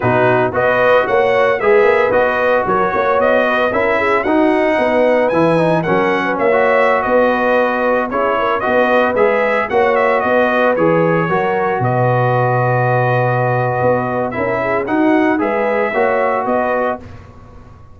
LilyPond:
<<
  \new Staff \with { instrumentName = "trumpet" } { \time 4/4 \tempo 4 = 113 b'4 dis''4 fis''4 e''4 | dis''4 cis''4 dis''4 e''4 | fis''2 gis''4 fis''4 | e''4~ e''16 dis''2 cis''8.~ |
cis''16 dis''4 e''4 fis''8 e''8 dis''8.~ | dis''16 cis''2 dis''4.~ dis''16~ | dis''2. e''4 | fis''4 e''2 dis''4 | }
  \new Staff \with { instrumentName = "horn" } { \time 4/4 fis'4 b'4 cis''4 b'4~ | b'4 ais'8 cis''4 b'8 ais'8 gis'8 | fis'4 b'2 ais'8. b'16 | cis''4~ cis''16 b'2 gis'8 ais'16~ |
ais'16 b'2 cis''4 b'8.~ | b'4~ b'16 ais'4 b'4.~ b'16~ | b'2. ais'8 gis'8 | fis'4 b'4 cis''4 b'4 | }
  \new Staff \with { instrumentName = "trombone" } { \time 4/4 dis'4 fis'2 gis'4 | fis'2. e'4 | dis'2 e'8 dis'8 cis'4~ | cis'16 fis'2. e'8.~ |
e'16 fis'4 gis'4 fis'4.~ fis'16~ | fis'16 gis'4 fis'2~ fis'8.~ | fis'2. e'4 | dis'4 gis'4 fis'2 | }
  \new Staff \with { instrumentName = "tuba" } { \time 4/4 b,4 b4 ais4 gis8 ais8 | b4 fis8 ais8 b4 cis'4 | dis'4 b4 e4 fis4 | ais4~ ais16 b2 cis'8.~ |
cis'16 b4 gis4 ais4 b8.~ | b16 e4 fis4 b,4.~ b,16~ | b,2 b4 cis'4 | dis'4 gis4 ais4 b4 | }
>>